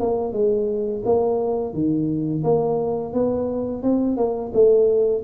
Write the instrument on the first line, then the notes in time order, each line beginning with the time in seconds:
tuba
0.00 A#3
0.33 G#3
1.05 A#3
1.73 D#3
2.44 A#3
3.13 B3
3.82 C4
4.17 A#3
4.53 A3